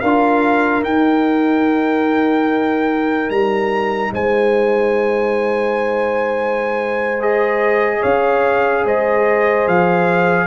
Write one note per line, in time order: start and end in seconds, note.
0.00 0.83 D4
0.00 0.84 F4
0.00 4.12 A#4
0.00 0.82 F5
0.83 3.30 D#4
0.83 7.20 D#4
0.83 3.30 G5
3.30 4.12 G3
3.30 4.12 A#5
4.12 8.03 G#3
4.12 8.00 C5
4.12 7.22 G#5
7.20 10.47 G#4
7.20 8.03 D#5
8.00 8.85 C#4
8.00 8.82 C#5
8.00 8.85 F5
8.85 9.67 G#3
8.85 10.47 C5
8.85 9.68 D#5
9.67 10.47 F3
9.67 10.47 F5